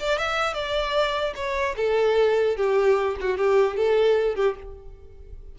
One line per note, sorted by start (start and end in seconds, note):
0.00 0.19 D5
0.19 0.54 E5
0.54 1.34 D5
1.36 1.76 C#5
1.77 2.57 A4
2.57 3.17 G4
3.21 3.38 F#4
3.38 3.77 G4
3.77 4.36 A4
4.36 4.56 G4